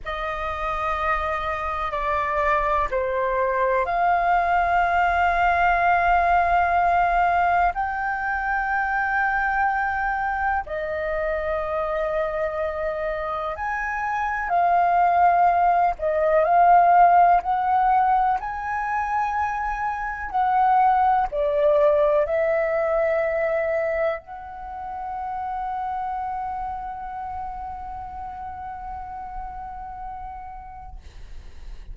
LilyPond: \new Staff \with { instrumentName = "flute" } { \time 4/4 \tempo 4 = 62 dis''2 d''4 c''4 | f''1 | g''2. dis''4~ | dis''2 gis''4 f''4~ |
f''8 dis''8 f''4 fis''4 gis''4~ | gis''4 fis''4 d''4 e''4~ | e''4 fis''2.~ | fis''1 | }